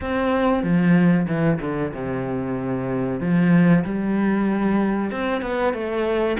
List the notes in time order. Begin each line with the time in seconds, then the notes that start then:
0.00 C4
0.63 F3
1.27 E3
1.60 D3
1.93 C3
3.20 F3
3.84 G3
5.11 C4
5.41 B3
5.73 A3